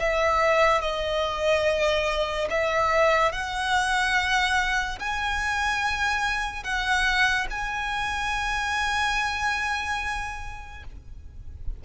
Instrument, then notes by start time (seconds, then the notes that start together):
violin
0.00 E5
0.81 D#5
2.50 E5
3.33 F#5
5.00 G#5
6.64 F#5
7.50 G#5